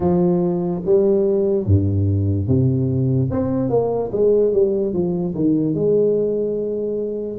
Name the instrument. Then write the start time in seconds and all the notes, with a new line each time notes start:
tuba
0.00 F3
0.85 G3
1.66 G2
2.47 C3
3.30 C4
3.69 A#3
4.12 G#3
4.52 G3
4.93 F3
5.34 D#3
5.74 G#3